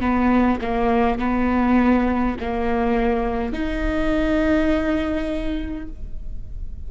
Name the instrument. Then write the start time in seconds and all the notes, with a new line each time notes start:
viola
0.00 B3
0.61 A#3
1.19 B3
2.40 A#3
3.52 D#4